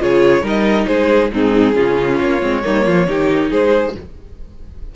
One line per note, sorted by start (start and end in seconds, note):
0.00 0.42 C#3
0.00 0.42 F4
0.00 0.42 G#4
0.00 0.47 C#5
0.42 0.86 G3
0.42 1.30 D#4
0.42 0.86 A#4
0.42 0.87 D#5
0.87 1.32 G#3
0.87 1.32 G#4
0.87 1.30 C5
1.33 1.76 G#2
1.33 1.73 C4
1.33 1.75 D#4
1.33 2.21 G#4
1.73 2.20 C#3
1.73 2.39 C#4
1.73 2.63 F4
2.20 2.42 A#3
2.20 3.52 C#5
2.41 2.64 G#3
2.41 2.63 C4
2.64 2.86 G3
2.64 3.07 A#3
2.64 2.85 D#4
2.85 3.07 F3
2.85 3.07 F4
3.07 3.50 D#3
3.07 3.95 D#4
3.07 3.50 G4
3.50 3.96 G#3
3.50 3.94 G#4
3.50 3.95 C5